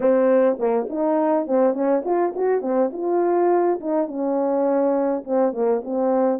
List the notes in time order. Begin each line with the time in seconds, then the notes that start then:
0.00 C4
0.59 A#3
0.89 D#4
1.46 C4
1.73 C#4
2.04 F4
2.35 F#4
2.61 C4
2.92 F4
3.80 D#4
4.07 C#4
5.24 C4
5.52 A#3
5.84 C4